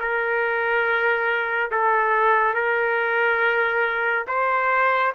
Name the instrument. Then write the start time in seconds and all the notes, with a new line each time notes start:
trumpet
0.00 A#4
1.72 A4
2.55 A#4
4.28 C5